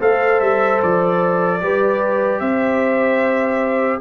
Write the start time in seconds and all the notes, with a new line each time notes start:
0.00 A3 A4 C5 F5
0.40 G3 E5
0.82 F3 D5
1.60 G3 G4 B4
2.40 C4 C5 E5